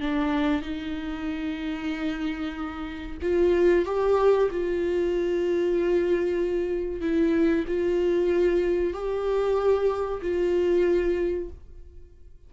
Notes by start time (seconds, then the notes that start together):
0.00 D4
0.62 D#4
3.22 F4
3.85 G4
4.51 F4
7.01 E4
7.67 F4
8.93 G4
10.22 F4